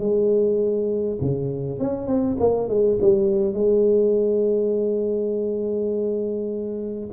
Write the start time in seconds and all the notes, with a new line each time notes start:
0.00 G#3
1.22 C#3
1.80 C#4
2.07 C4
2.40 A#3
2.69 G#3
3.02 G3
3.54 G#3